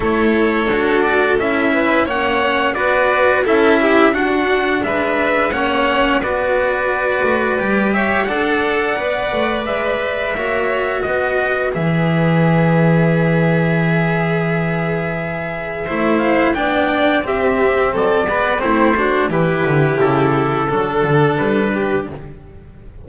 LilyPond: <<
  \new Staff \with { instrumentName = "trumpet" } { \time 4/4 \tempo 4 = 87 cis''4. d''8 e''4 fis''4 | d''4 e''4 fis''4 e''4 | fis''4 d''2~ d''8 e''8 | fis''2 e''2 |
dis''4 e''2.~ | e''2.~ e''8 f''8 | g''4 e''4 d''4 c''4 | b'4 a'2 b'4 | }
  \new Staff \with { instrumentName = "violin" } { \time 4/4 a'2~ a'8 b'8 cis''4 | b'4 a'8 g'8 fis'4 b'4 | cis''4 b'2~ b'8 cis''8 | d''2. cis''4 |
b'1~ | b'2. c''4 | d''4 g'4 a'8 b'8 e'8 fis'8 | g'2 a'4. g'8 | }
  \new Staff \with { instrumentName = "cello" } { \time 4/4 e'4 fis'4 e'4 cis'4 | fis'4 e'4 d'2 | cis'4 fis'2 g'4 | a'4 b'2 fis'4~ |
fis'4 gis'2.~ | gis'2. e'4 | d'4 c'4. b8 c'8 d'8 | e'2 d'2 | }
  \new Staff \with { instrumentName = "double bass" } { \time 4/4 a4 d'4 cis'4 ais4 | b4 cis'4 d'4 gis4 | ais4 b4. a8 g4 | d'4 b8 a8 gis4 ais4 |
b4 e2.~ | e2. a4 | b4 c'4 fis8 gis8 a4 | e8 d8 cis4 fis8 d8 g4 | }
>>